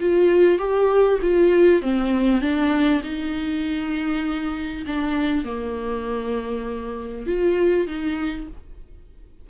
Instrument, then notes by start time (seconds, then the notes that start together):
viola
0.00 F4
0.58 G4
1.21 F4
1.82 C4
2.41 D4
3.03 D#4
4.87 D4
5.45 A#3
7.27 F4
7.87 D#4